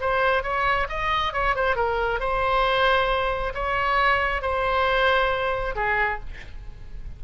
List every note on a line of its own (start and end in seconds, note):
0.00 0.42 C5
0.42 0.87 C#5
0.88 1.33 D#5
1.33 1.55 C#5
1.55 1.75 C5
1.75 2.19 A#4
2.19 3.53 C5
3.54 4.41 C#5
4.41 5.75 C5
5.75 6.19 G#4